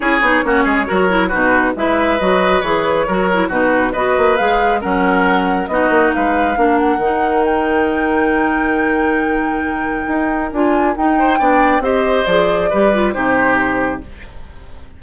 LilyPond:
<<
  \new Staff \with { instrumentName = "flute" } { \time 4/4 \tempo 4 = 137 cis''2. b'4 | e''4 dis''4 cis''2 | b'4 dis''4 f''4 fis''4~ | fis''4 dis''4 f''4. fis''8~ |
fis''4 g''2.~ | g''1 | gis''4 g''2 dis''4 | d''2 c''2 | }
  \new Staff \with { instrumentName = "oboe" } { \time 4/4 gis'4 fis'8 gis'8 ais'4 fis'4 | b'2. ais'4 | fis'4 b'2 ais'4~ | ais'4 fis'4 b'4 ais'4~ |
ais'1~ | ais'1~ | ais'4. c''8 d''4 c''4~ | c''4 b'4 g'2 | }
  \new Staff \with { instrumentName = "clarinet" } { \time 4/4 e'8 dis'8 cis'4 fis'8 e'8 dis'4 | e'4 fis'4 gis'4 fis'8 e'8 | dis'4 fis'4 gis'4 cis'4~ | cis'4 dis'2 d'4 |
dis'1~ | dis'1 | f'4 dis'4 d'4 g'4 | gis'4 g'8 f'8 dis'2 | }
  \new Staff \with { instrumentName = "bassoon" } { \time 4/4 cis'8 b8 ais8 gis8 fis4 b,4 | gis4 fis4 e4 fis4 | b,4 b8 ais8 gis4 fis4~ | fis4 b8 ais8 gis4 ais4 |
dis1~ | dis2. dis'4 | d'4 dis'4 b4 c'4 | f4 g4 c2 | }
>>